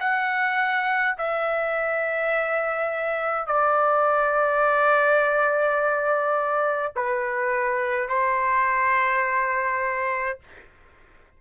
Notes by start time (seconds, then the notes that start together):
0.00 F#5
1.18 E5
3.47 D5
6.96 B4
8.09 C5